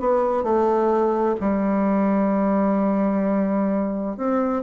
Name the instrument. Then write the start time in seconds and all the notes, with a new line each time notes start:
bassoon
0.00 B3
0.44 A3
1.41 G3
4.17 C4